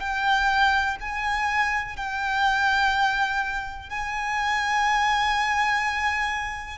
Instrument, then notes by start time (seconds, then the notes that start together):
violin
0.00 G5
1.00 G#5
1.96 G5
3.89 G#5